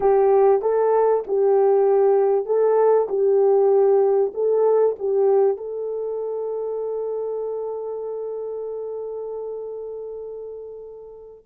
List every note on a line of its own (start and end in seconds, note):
0.00 0.61 G4
0.61 1.23 A4
1.27 2.45 G4
2.45 3.07 A4
3.08 4.32 G4
4.34 4.95 A4
4.98 5.57 G4
5.57 11.44 A4